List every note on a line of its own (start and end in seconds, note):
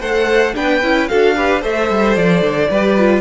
0.00 0.54 A3
0.00 0.54 A4
0.00 0.54 C5
0.00 0.54 F#5
0.54 0.82 B3
0.54 0.81 D4
0.54 1.09 B4
0.54 1.08 G5
0.82 1.09 C#4
0.82 1.09 E4
1.08 1.63 D4
1.08 1.36 F#4
1.08 1.36 A4
1.08 1.62 F5
1.36 1.61 G4
1.36 1.62 B4
1.61 1.90 A3
1.61 2.69 A4
1.61 2.69 C5
1.61 2.16 E5
1.90 2.16 G3
2.16 2.42 F3
2.16 3.20 D5
2.42 2.68 D3
2.70 3.20 G3
2.70 2.98 G4
2.70 3.20 B4
2.98 3.20 F4